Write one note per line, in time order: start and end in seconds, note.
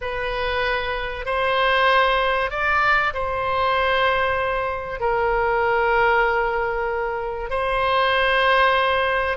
0.01 1.25 B4
1.25 2.50 C5
2.50 3.12 D5
3.13 5.00 C5
5.00 7.50 A#4
7.50 9.37 C5